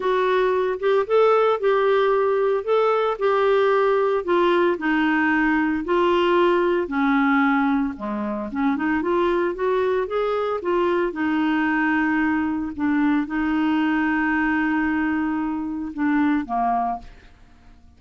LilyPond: \new Staff \with { instrumentName = "clarinet" } { \time 4/4 \tempo 4 = 113 fis'4. g'8 a'4 g'4~ | g'4 a'4 g'2 | f'4 dis'2 f'4~ | f'4 cis'2 gis4 |
cis'8 dis'8 f'4 fis'4 gis'4 | f'4 dis'2. | d'4 dis'2.~ | dis'2 d'4 ais4 | }